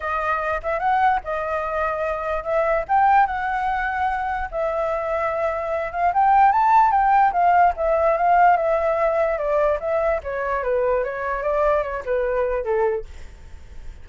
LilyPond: \new Staff \with { instrumentName = "flute" } { \time 4/4 \tempo 4 = 147 dis''4. e''8 fis''4 dis''4~ | dis''2 e''4 g''4 | fis''2. e''4~ | e''2~ e''8 f''8 g''4 |
a''4 g''4 f''4 e''4 | f''4 e''2 d''4 | e''4 cis''4 b'4 cis''4 | d''4 cis''8 b'4. a'4 | }